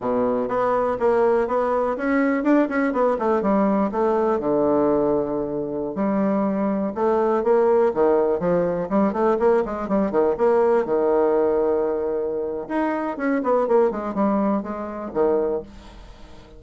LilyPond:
\new Staff \with { instrumentName = "bassoon" } { \time 4/4 \tempo 4 = 123 b,4 b4 ais4 b4 | cis'4 d'8 cis'8 b8 a8 g4 | a4 d2.~ | d16 g2 a4 ais8.~ |
ais16 dis4 f4 g8 a8 ais8 gis16~ | gis16 g8 dis8 ais4 dis4.~ dis16~ | dis2 dis'4 cis'8 b8 | ais8 gis8 g4 gis4 dis4 | }